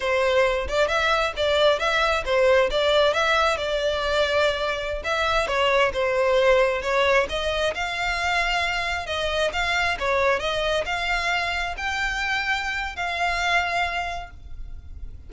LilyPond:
\new Staff \with { instrumentName = "violin" } { \time 4/4 \tempo 4 = 134 c''4. d''8 e''4 d''4 | e''4 c''4 d''4 e''4 | d''2.~ d''16 e''8.~ | e''16 cis''4 c''2 cis''8.~ |
cis''16 dis''4 f''2~ f''8.~ | f''16 dis''4 f''4 cis''4 dis''8.~ | dis''16 f''2 g''4.~ g''16~ | g''4 f''2. | }